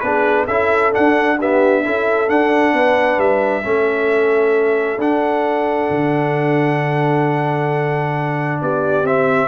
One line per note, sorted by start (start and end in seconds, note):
0.00 0.47 B3
0.00 0.47 D4
0.00 0.46 G#4
0.00 0.45 B4
0.46 0.93 C#4
0.46 0.92 E4
0.46 1.37 A4
0.46 0.92 E5
0.92 1.37 D4
0.92 1.86 D4
0.92 1.39 F#5
1.38 1.84 B3
1.38 1.83 G4
1.38 2.29 E5
1.84 2.29 C#4
1.84 2.28 E4
1.84 2.73 A4
2.28 3.63 D4
2.28 2.73 D4
2.28 3.19 F#5
2.73 3.17 B3
2.73 3.63 B4
3.17 3.63 G3
3.17 5.00 E5
3.63 4.98 A3
3.63 4.98 C#4
3.63 8.60 A4
4.98 5.88 D4
4.98 9.04 D4
4.98 8.61 F#5
5.90 8.60 D3
8.61 9.03 B3
8.61 9.47 G4
8.61 9.06 D5
9.03 9.47 C4
9.03 9.47 E5